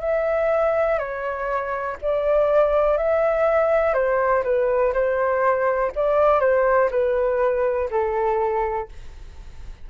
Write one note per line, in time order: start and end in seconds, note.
0.00 0.98 E5
0.98 1.97 C#5
2.02 2.98 D5
2.98 3.94 E5
3.94 4.43 C5
4.44 4.93 B4
4.94 5.92 C5
5.96 6.40 D5
6.40 6.89 C5
6.91 7.90 B4
7.90 8.89 A4